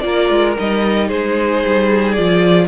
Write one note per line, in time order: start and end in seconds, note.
0.00 0.30 A#3
0.00 0.55 F4
0.00 1.08 A#4
0.00 0.53 D5
0.30 0.56 G#3
0.59 1.11 G3
0.59 2.17 D#4
0.59 1.09 D#5
1.08 1.64 G#3
1.08 2.67 G#4
1.08 2.13 C5
1.66 2.18 G3
2.13 2.67 F3
2.13 2.67 F4
2.13 2.66 D5